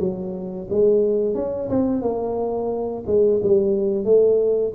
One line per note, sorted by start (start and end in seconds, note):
0.00 0.68 F#3
0.70 1.35 G#3
1.35 1.69 C#4
1.70 2.02 C4
2.02 3.04 A#3
3.07 3.41 G#3
3.43 4.05 G3
4.05 4.73 A3